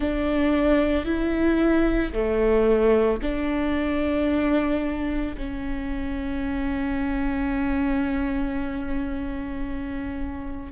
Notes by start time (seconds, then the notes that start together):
0.00 D4
1.05 E4
2.12 A3
3.21 D4
5.37 C#4